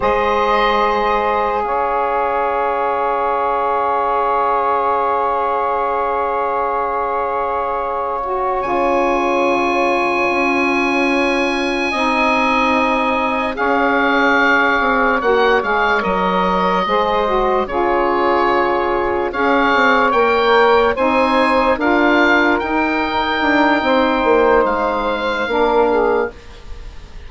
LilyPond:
<<
  \new Staff \with { instrumentName = "oboe" } { \time 4/4 \tempo 4 = 73 dis''2 f''2~ | f''1~ | f''2~ f''8 gis''4.~ | gis''1~ |
gis''8 f''2 fis''8 f''8 dis''8~ | dis''4. cis''2 f''8~ | f''8 g''4 gis''4 f''4 g''8~ | g''2 f''2 | }
  \new Staff \with { instrumentName = "saxophone" } { \time 4/4 c''2 cis''2~ | cis''1~ | cis''1~ | cis''2~ cis''8 dis''4.~ |
dis''8 cis''2.~ cis''8~ | cis''8 c''4 gis'2 cis''8~ | cis''4. c''4 ais'4.~ | ais'4 c''2 ais'8 gis'8 | }
  \new Staff \with { instrumentName = "saxophone" } { \time 4/4 gis'1~ | gis'1~ | gis'2 fis'8 f'4.~ | f'2~ f'8 dis'4.~ |
dis'8 gis'2 fis'8 gis'8 ais'8~ | ais'8 gis'8 fis'8 f'2 gis'8~ | gis'8 ais'4 dis'4 f'4 dis'8~ | dis'2. d'4 | }
  \new Staff \with { instrumentName = "bassoon" } { \time 4/4 gis2 cis'2~ | cis'1~ | cis'2~ cis'8 cis4.~ | cis8 cis'2 c'4.~ |
c'8 cis'4. c'8 ais8 gis8 fis8~ | fis8 gis4 cis2 cis'8 | c'8 ais4 c'4 d'4 dis'8~ | dis'8 d'8 c'8 ais8 gis4 ais4 | }
>>